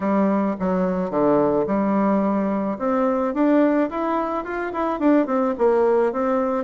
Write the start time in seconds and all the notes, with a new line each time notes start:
0.00 G3
0.59 F#3
1.10 D3
1.66 G3
2.78 C4
3.34 D4
3.89 E4
4.44 F4
4.72 E4
4.99 D4
5.26 C4
5.58 A#3
6.12 C4